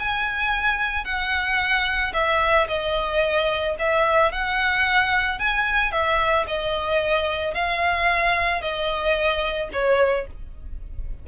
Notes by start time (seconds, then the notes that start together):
0.00 G#5
1.05 F#5
2.14 E5
2.68 D#5
3.80 E5
4.32 F#5
5.39 G#5
5.92 E5
6.48 D#5
7.55 F5
8.62 D#5
9.73 C#5